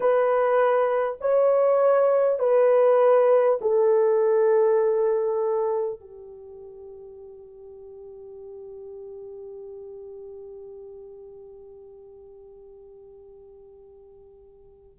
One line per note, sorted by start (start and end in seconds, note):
0.00 1.18 B4
1.21 2.39 C#5
2.39 3.59 B4
3.61 6.00 A4
6.00 14.99 G4